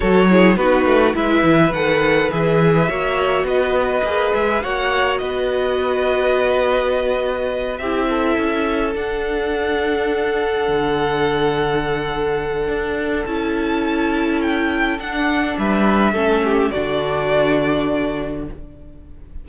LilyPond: <<
  \new Staff \with { instrumentName = "violin" } { \time 4/4 \tempo 4 = 104 cis''4 b'4 e''4 fis''4 | e''2 dis''4. e''8 | fis''4 dis''2.~ | dis''4. e''2 fis''8~ |
fis''1~ | fis''2. a''4~ | a''4 g''4 fis''4 e''4~ | e''4 d''2. | }
  \new Staff \with { instrumentName = "violin" } { \time 4/4 a'8 gis'8 fis'4 b'2~ | b'4 cis''4 b'2 | cis''4 b'2.~ | b'4. g'8 a'2~ |
a'1~ | a'1~ | a'2. b'4 | a'8 g'8 fis'2. | }
  \new Staff \with { instrumentName = "viola" } { \time 4/4 fis'8 e'8 dis'4 e'4 a'4 | gis'4 fis'2 gis'4 | fis'1~ | fis'4. e'2 d'8~ |
d'1~ | d'2. e'4~ | e'2 d'2 | cis'4 d'2. | }
  \new Staff \with { instrumentName = "cello" } { \time 4/4 fis4 b8 a8 gis8 e8 dis4 | e4 ais4 b4 ais8 gis8 | ais4 b2.~ | b4. c'4 cis'4 d'8~ |
d'2~ d'8 d4.~ | d2 d'4 cis'4~ | cis'2 d'4 g4 | a4 d2. | }
>>